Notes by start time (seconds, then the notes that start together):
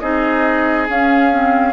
0.00 C4 D#4 G#4 D#5
0.89 C#4 F5
1.32 C4